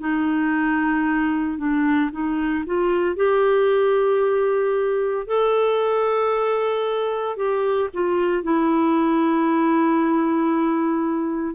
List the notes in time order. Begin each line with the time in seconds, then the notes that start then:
0.00 D#4
1.58 D4
2.12 D#4
2.66 F4
3.16 G4
5.27 A4
7.37 G4
7.94 F4
8.44 E4